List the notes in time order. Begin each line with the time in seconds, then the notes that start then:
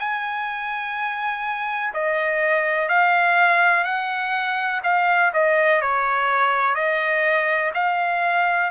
0.00 G#5
1.94 D#5
2.89 F5
3.84 F#5
4.84 F5
5.34 D#5
5.82 C#5
6.75 D#5
7.75 F5